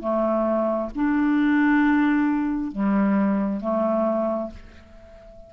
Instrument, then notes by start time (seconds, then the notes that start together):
clarinet
0.00 A3
0.95 D4
2.72 G3
3.61 A3